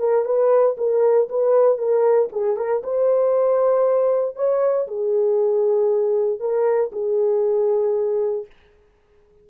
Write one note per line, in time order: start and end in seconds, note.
0.00 0.25 A#4
0.25 0.77 B4
0.78 1.29 A#4
1.30 1.78 B4
1.78 2.30 A#4
2.33 2.57 G#4
2.57 2.83 A#4
2.84 4.36 C5
4.36 4.87 C#5
4.88 6.40 G#4
6.40 6.92 A#4
6.93 8.47 G#4